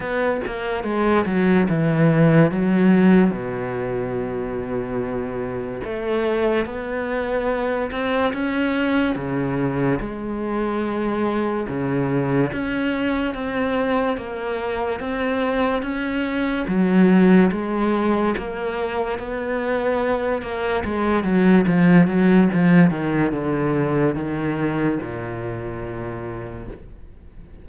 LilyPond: \new Staff \with { instrumentName = "cello" } { \time 4/4 \tempo 4 = 72 b8 ais8 gis8 fis8 e4 fis4 | b,2. a4 | b4. c'8 cis'4 cis4 | gis2 cis4 cis'4 |
c'4 ais4 c'4 cis'4 | fis4 gis4 ais4 b4~ | b8 ais8 gis8 fis8 f8 fis8 f8 dis8 | d4 dis4 ais,2 | }